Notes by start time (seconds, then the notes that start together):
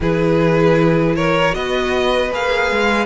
0.00 E3 E4 G#4 B4
1.15 A#4 C#5
1.51 B3 F#4 B4 D#5
2.32 A#3 G#4 F5
2.71 G#3